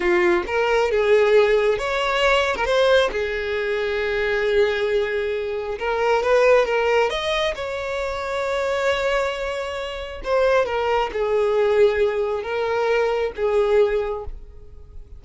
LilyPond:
\new Staff \with { instrumentName = "violin" } { \time 4/4 \tempo 4 = 135 f'4 ais'4 gis'2 | cis''4.~ cis''16 ais'16 c''4 gis'4~ | gis'1~ | gis'4 ais'4 b'4 ais'4 |
dis''4 cis''2.~ | cis''2. c''4 | ais'4 gis'2. | ais'2 gis'2 | }